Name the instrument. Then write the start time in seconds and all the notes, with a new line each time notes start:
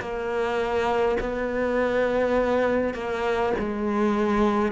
cello
0.00 A#3
1.20 B3
2.94 A#3
3.59 G#3